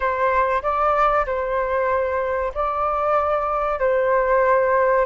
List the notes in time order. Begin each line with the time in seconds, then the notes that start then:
0.00 C5
0.62 D5
1.26 C5
2.54 D5
3.79 C5